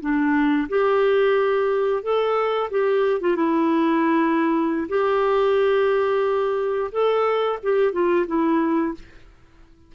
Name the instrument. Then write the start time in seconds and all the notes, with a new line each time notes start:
clarinet
0.00 D4
0.68 G4
2.02 A4
2.70 G4
3.21 F4
3.36 E4
4.88 G4
6.91 A4
7.62 G4
7.92 F4
8.26 E4